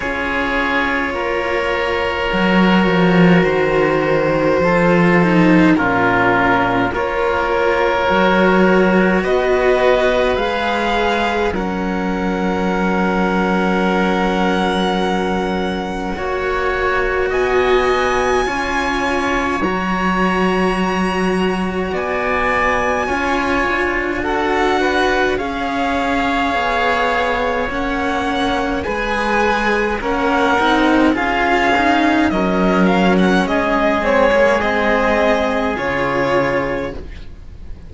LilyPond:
<<
  \new Staff \with { instrumentName = "violin" } { \time 4/4 \tempo 4 = 52 cis''2. c''4~ | c''4 ais'4 cis''2 | dis''4 f''4 fis''2~ | fis''2. gis''4~ |
gis''4 ais''2 gis''4~ | gis''4 fis''4 f''2 | fis''4 gis''4 fis''4 f''4 | dis''8 f''16 fis''16 dis''8 cis''8 dis''4 cis''4 | }
  \new Staff \with { instrumentName = "oboe" } { \time 4/4 gis'4 ais'2. | a'4 f'4 ais'2 | b'2 ais'2~ | ais'2 cis''4 dis''4 |
cis''2. d''4 | cis''4 a'8 b'8 cis''2~ | cis''4 b'4 ais'4 gis'4 | ais'4 gis'2. | }
  \new Staff \with { instrumentName = "cello" } { \time 4/4 f'2 fis'2 | f'8 dis'8 cis'4 f'4 fis'4~ | fis'4 gis'4 cis'2~ | cis'2 fis'2 |
f'4 fis'2. | f'4 fis'4 gis'2 | cis'4 gis'4 cis'8 dis'8 f'8 dis'8 | cis'4. c'16 ais16 c'4 f'4 | }
  \new Staff \with { instrumentName = "cello" } { \time 4/4 cis'4 ais4 fis8 f8 dis4 | f4 ais,4 ais4 fis4 | b4 gis4 fis2~ | fis2 ais4 b4 |
cis'4 fis2 b4 | cis'8 d'4. cis'4 b4 | ais4 gis4 ais8 c'8 cis'4 | fis4 gis2 cis4 | }
>>